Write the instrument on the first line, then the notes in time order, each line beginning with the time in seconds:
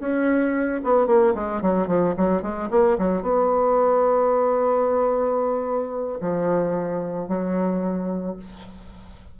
bassoon
0.00 C#4
0.84 B3
1.07 A#3
1.35 G#3
1.62 F#3
1.87 F3
2.17 F#3
2.42 G#3
2.71 A#3
2.98 F#3
3.22 B3
6.21 F3
7.28 F#3